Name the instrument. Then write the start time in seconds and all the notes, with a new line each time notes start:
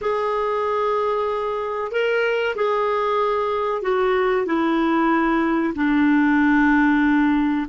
clarinet
0.01 G#4
1.91 A#4
2.55 G#4
3.82 F#4
4.46 E4
5.75 D4